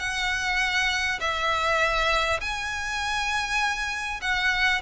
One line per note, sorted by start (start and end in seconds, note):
0.00 1.20 F#5
1.21 2.41 E5
2.41 4.21 G#5
4.22 4.82 F#5